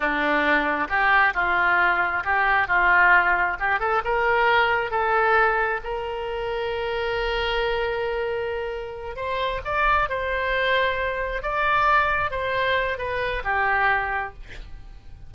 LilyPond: \new Staff \with { instrumentName = "oboe" } { \time 4/4 \tempo 4 = 134 d'2 g'4 f'4~ | f'4 g'4 f'2 | g'8 a'8 ais'2 a'4~ | a'4 ais'2.~ |
ais'1~ | ais'8 c''4 d''4 c''4.~ | c''4. d''2 c''8~ | c''4 b'4 g'2 | }